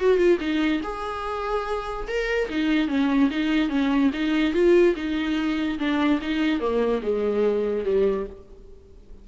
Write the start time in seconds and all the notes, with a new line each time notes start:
0.00 F#4
0.17 F4
0.40 D#4
0.83 G#4
2.07 A#4
2.49 D#4
2.88 C#4
3.30 D#4
3.69 C#4
4.13 D#4
4.53 F4
4.95 D#4
5.79 D4
6.21 D#4
6.60 A#3
7.02 G#3
7.85 G3